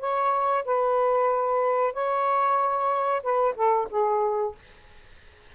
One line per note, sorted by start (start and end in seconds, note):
0.00 0.65 C#5
0.65 1.93 B4
1.93 3.22 C#5
3.23 3.55 B4
3.56 3.88 A4
3.90 4.55 G#4